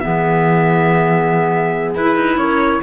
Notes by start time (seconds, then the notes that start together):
0.00 E3 B3 G#4 E5
1.95 E4 B4
2.16 D#4
2.37 C#4 A#4 C#5